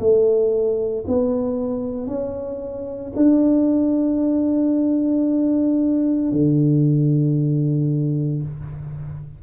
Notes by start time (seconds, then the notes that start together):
0.00 A3
1.08 B3
2.08 C#4
3.16 D4
6.32 D3